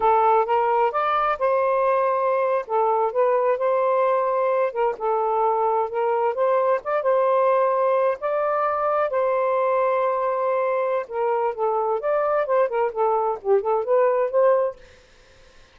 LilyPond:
\new Staff \with { instrumentName = "saxophone" } { \time 4/4 \tempo 4 = 130 a'4 ais'4 d''4 c''4~ | c''4.~ c''16 a'4 b'4 c''16~ | c''2~ c''16 ais'8 a'4~ a'16~ | a'8. ais'4 c''4 d''8 c''8.~ |
c''4.~ c''16 d''2 c''16~ | c''1 | ais'4 a'4 d''4 c''8 ais'8 | a'4 g'8 a'8 b'4 c''4 | }